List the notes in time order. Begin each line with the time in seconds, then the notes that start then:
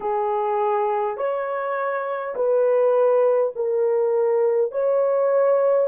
0.00 G#4
1.17 C#5
2.35 B4
3.56 A#4
4.71 C#5